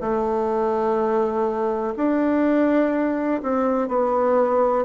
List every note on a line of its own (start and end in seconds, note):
0.00 1.94 A3
1.96 3.41 D4
3.42 3.88 C4
3.88 4.85 B3